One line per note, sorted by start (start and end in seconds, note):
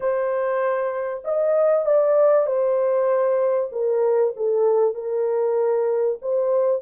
0.00 1.23 C5
1.24 1.85 D#5
1.85 2.46 D5
2.46 3.70 C5
3.71 4.33 A#4
4.36 4.94 A4
4.94 6.18 A#4
6.21 6.82 C5